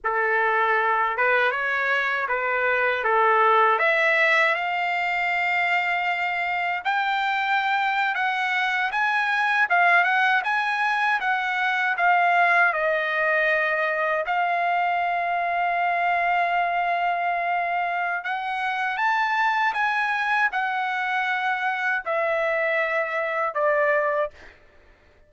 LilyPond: \new Staff \with { instrumentName = "trumpet" } { \time 4/4 \tempo 4 = 79 a'4. b'8 cis''4 b'4 | a'4 e''4 f''2~ | f''4 g''4.~ g''16 fis''4 gis''16~ | gis''8. f''8 fis''8 gis''4 fis''4 f''16~ |
f''8. dis''2 f''4~ f''16~ | f''1 | fis''4 a''4 gis''4 fis''4~ | fis''4 e''2 d''4 | }